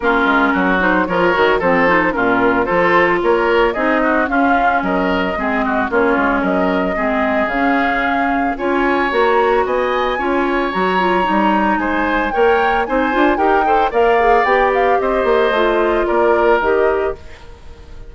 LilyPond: <<
  \new Staff \with { instrumentName = "flute" } { \time 4/4 \tempo 4 = 112 ais'4. c''8 cis''4 c''4 | ais'4 c''4 cis''4 dis''4 | f''4 dis''2 cis''4 | dis''2 f''2 |
gis''4 ais''4 gis''2 | ais''2 gis''4 g''4 | gis''4 g''4 f''4 g''8 f''8 | dis''2 d''4 dis''4 | }
  \new Staff \with { instrumentName = "oboe" } { \time 4/4 f'4 fis'4 ais'4 a'4 | f'4 a'4 ais'4 gis'8 fis'8 | f'4 ais'4 gis'8 fis'8 f'4 | ais'4 gis'2. |
cis''2 dis''4 cis''4~ | cis''2 c''4 cis''4 | c''4 ais'8 c''8 d''2 | c''2 ais'2 | }
  \new Staff \with { instrumentName = "clarinet" } { \time 4/4 cis'4. dis'8 f'8 fis'8 c'8 dis'8 | cis'4 f'2 dis'4 | cis'2 c'4 cis'4~ | cis'4 c'4 cis'2 |
f'4 fis'2 f'4 | fis'8 f'8 dis'2 ais'4 | dis'8 f'8 g'8 a'8 ais'8 gis'8 g'4~ | g'4 f'2 g'4 | }
  \new Staff \with { instrumentName = "bassoon" } { \time 4/4 ais8 gis8 fis4 f8 dis8 f4 | ais,4 f4 ais4 c'4 | cis'4 fis4 gis4 ais8 gis8 | fis4 gis4 cis2 |
cis'4 ais4 b4 cis'4 | fis4 g4 gis4 ais4 | c'8 d'8 dis'4 ais4 b4 | c'8 ais8 a4 ais4 dis4 | }
>>